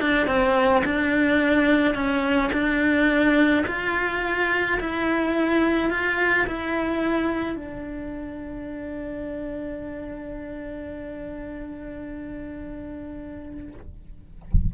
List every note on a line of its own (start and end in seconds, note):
0.00 0.27 D4
0.27 0.83 C4
0.84 1.94 D4
1.94 2.50 C#4
2.52 3.64 D4
3.66 4.78 F4
4.80 5.90 E4
5.90 6.46 F4
6.46 7.55 E4
7.55 13.72 D4